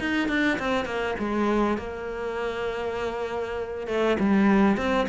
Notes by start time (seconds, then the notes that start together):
0.00 D#4
0.29 D4
0.59 C4
0.85 A#3
1.19 G#3
1.78 A#3
3.87 A3
4.20 G3
4.78 C4